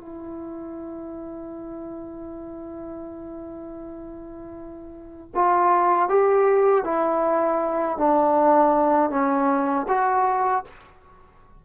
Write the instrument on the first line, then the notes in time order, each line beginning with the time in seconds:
trombone
0.00 E4
5.34 F4
6.09 G4
6.84 E4
7.97 D4
9.10 C#4
9.88 F#4